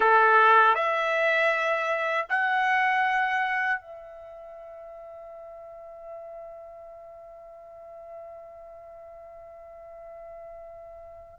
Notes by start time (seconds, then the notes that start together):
0.00 A4
0.75 E5
2.29 F#5
3.80 E5